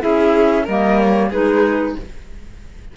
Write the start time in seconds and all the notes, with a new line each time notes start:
0.00 C#4 E4 G#4 E5
0.64 G3 A#3 A#4 D#5
0.99 C#5
1.29 G#3 D#4 G#4 B4